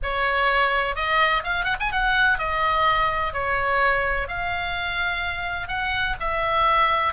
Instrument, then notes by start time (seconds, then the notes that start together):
oboe
0.02 C#5
0.95 D#5
1.43 F5
1.64 F#5
1.80 G#5
1.92 F#5
2.38 D#5
3.33 C#5
4.28 F5
5.68 F#5
6.20 E5